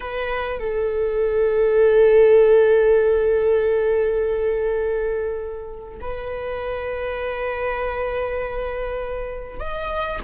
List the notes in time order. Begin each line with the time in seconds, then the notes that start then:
0.00 B4
0.59 A4
6.00 B4
9.59 D#5